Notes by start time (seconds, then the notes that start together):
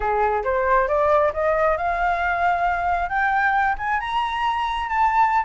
0.00 G#4
0.43 C5
0.88 D5
1.33 D#5
1.77 F5
3.09 G5
3.78 G#5
4.00 A#5
4.88 A5